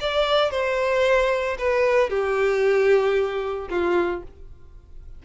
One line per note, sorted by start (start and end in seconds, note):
0.00 0.51 D5
0.51 1.57 C5
1.58 2.09 B4
2.09 3.69 G4
3.69 4.22 F4